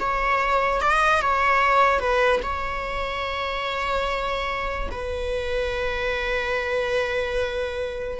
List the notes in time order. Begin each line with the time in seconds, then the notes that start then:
0.00 C#5
0.81 D#5
1.21 C#5
2.00 B4
2.43 C#5
4.91 B4